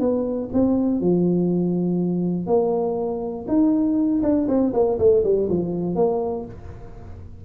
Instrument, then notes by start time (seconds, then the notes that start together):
tuba
0.00 B3
0.53 C4
1.01 F3
2.47 A#3
3.48 D#4
4.23 D4
4.48 C4
4.74 A#3
4.99 A3
5.24 G3
5.50 F3
5.96 A#3